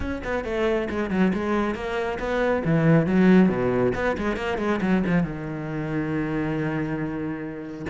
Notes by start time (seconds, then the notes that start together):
0.00 C#4
0.23 B3
0.44 A3
0.89 G#3
1.10 F#3
1.33 G#3
1.74 A#3
2.19 B3
2.65 E3
3.06 F#3
3.49 B2
3.95 B3
4.17 G#3
4.36 A#3
4.58 G#3
4.81 F#3
5.06 F3
5.23 D#3